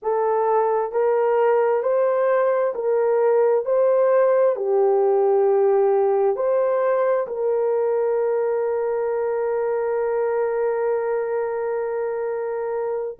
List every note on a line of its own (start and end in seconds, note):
0.02 0.91 A4
0.91 1.82 A#4
1.82 2.73 C5
2.74 3.65 A#4
3.65 4.55 C5
4.55 6.36 G4
6.36 7.26 C5
7.27 13.18 A#4